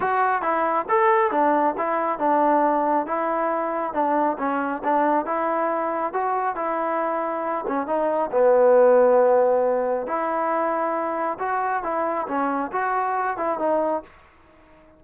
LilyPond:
\new Staff \with { instrumentName = "trombone" } { \time 4/4 \tempo 4 = 137 fis'4 e'4 a'4 d'4 | e'4 d'2 e'4~ | e'4 d'4 cis'4 d'4 | e'2 fis'4 e'4~ |
e'4. cis'8 dis'4 b4~ | b2. e'4~ | e'2 fis'4 e'4 | cis'4 fis'4. e'8 dis'4 | }